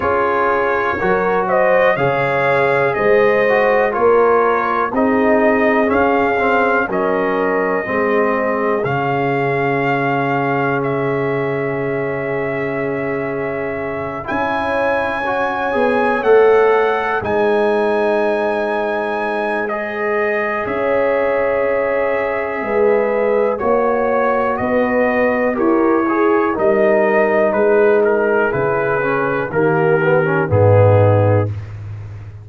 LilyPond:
<<
  \new Staff \with { instrumentName = "trumpet" } { \time 4/4 \tempo 4 = 61 cis''4. dis''8 f''4 dis''4 | cis''4 dis''4 f''4 dis''4~ | dis''4 f''2 e''4~ | e''2~ e''8 gis''4.~ |
gis''8 fis''4 gis''2~ gis''8 | dis''4 e''2. | cis''4 dis''4 cis''4 dis''4 | b'8 ais'8 b'4 ais'4 gis'4 | }
  \new Staff \with { instrumentName = "horn" } { \time 4/4 gis'4 ais'8 c''8 cis''4 c''4 | ais'4 gis'2 ais'4 | gis'1~ | gis'2~ gis'8 cis''4.~ |
cis''4. c''2~ c''8~ | c''4 cis''2 b'4 | cis''4 b'4 ais'8 gis'8 ais'4 | gis'2 g'4 dis'4 | }
  \new Staff \with { instrumentName = "trombone" } { \time 4/4 f'4 fis'4 gis'4. fis'8 | f'4 dis'4 cis'8 c'8 cis'4 | c'4 cis'2.~ | cis'2~ cis'8 e'4 fis'8 |
gis'8 a'4 dis'2~ dis'8 | gis'1 | fis'2 g'8 gis'8 dis'4~ | dis'4 e'8 cis'8 ais8 b16 cis'16 b4 | }
  \new Staff \with { instrumentName = "tuba" } { \time 4/4 cis'4 fis4 cis4 gis4 | ais4 c'4 cis'4 fis4 | gis4 cis2.~ | cis2~ cis8 cis'4. |
b8 a4 gis2~ gis8~ | gis4 cis'2 gis4 | ais4 b4 e'4 g4 | gis4 cis4 dis4 gis,4 | }
>>